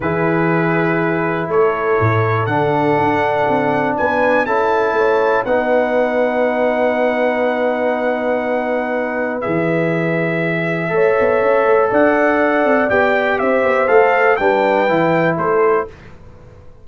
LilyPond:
<<
  \new Staff \with { instrumentName = "trumpet" } { \time 4/4 \tempo 4 = 121 b'2. cis''4~ | cis''4 fis''2. | gis''4 a''2 fis''4~ | fis''1~ |
fis''2. e''4~ | e''1 | fis''2 g''4 e''4 | f''4 g''2 c''4 | }
  \new Staff \with { instrumentName = "horn" } { \time 4/4 gis'2. a'4~ | a'1 | b'4 a'4 cis''4 b'4~ | b'1~ |
b'1~ | b'2 cis''2 | d''2. c''4~ | c''4 b'2 a'4 | }
  \new Staff \with { instrumentName = "trombone" } { \time 4/4 e'1~ | e'4 d'2.~ | d'4 e'2 dis'4~ | dis'1~ |
dis'2. gis'4~ | gis'2 a'2~ | a'2 g'2 | a'4 d'4 e'2 | }
  \new Staff \with { instrumentName = "tuba" } { \time 4/4 e2. a4 | a,4 d4 d'4 c'4 | b4 cis'4 a4 b4~ | b1~ |
b2. e4~ | e2 a8 b8 cis'8 a8 | d'4. c'8 b4 c'8 b8 | a4 g4 e4 a4 | }
>>